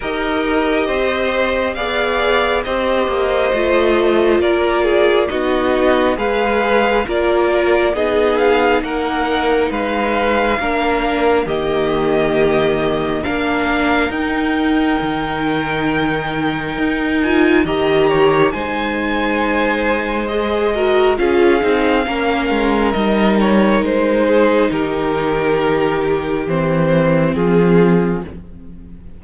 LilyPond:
<<
  \new Staff \with { instrumentName = "violin" } { \time 4/4 \tempo 4 = 68 dis''2 f''4 dis''4~ | dis''4 d''4 dis''4 f''4 | d''4 dis''8 f''8 fis''4 f''4~ | f''4 dis''2 f''4 |
g''2.~ g''8 gis''8 | ais''4 gis''2 dis''4 | f''2 dis''8 cis''8 c''4 | ais'2 c''4 gis'4 | }
  \new Staff \with { instrumentName = "violin" } { \time 4/4 ais'4 c''4 d''4 c''4~ | c''4 ais'8 gis'8 fis'4 b'4 | ais'4 gis'4 ais'4 b'4 | ais'4 g'2 ais'4~ |
ais'1 | dis''8 cis''8 c''2~ c''8 ais'8 | gis'4 ais'2~ ais'8 gis'8 | g'2. f'4 | }
  \new Staff \with { instrumentName = "viola" } { \time 4/4 g'2 gis'4 g'4 | f'2 dis'4 gis'4 | f'4 dis'2. | d'4 ais2 d'4 |
dis'2.~ dis'8 f'8 | g'4 dis'2 gis'8 fis'8 | f'8 dis'8 cis'4 dis'2~ | dis'2 c'2 | }
  \new Staff \with { instrumentName = "cello" } { \time 4/4 dis'4 c'4 b4 c'8 ais8 | a4 ais4 b4 gis4 | ais4 b4 ais4 gis4 | ais4 dis2 ais4 |
dis'4 dis2 dis'4 | dis4 gis2. | cis'8 c'8 ais8 gis8 g4 gis4 | dis2 e4 f4 | }
>>